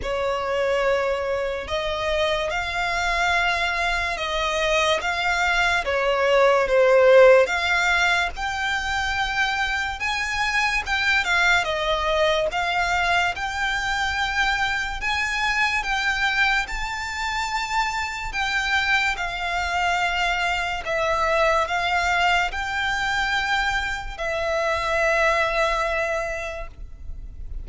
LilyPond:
\new Staff \with { instrumentName = "violin" } { \time 4/4 \tempo 4 = 72 cis''2 dis''4 f''4~ | f''4 dis''4 f''4 cis''4 | c''4 f''4 g''2 | gis''4 g''8 f''8 dis''4 f''4 |
g''2 gis''4 g''4 | a''2 g''4 f''4~ | f''4 e''4 f''4 g''4~ | g''4 e''2. | }